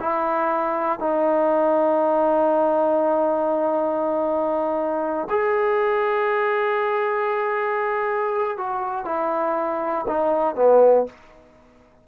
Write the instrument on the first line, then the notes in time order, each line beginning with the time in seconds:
trombone
0.00 E4
0.99 D#4
5.29 G#4
8.57 F#4
9.05 E4
10.08 D#4
10.55 B3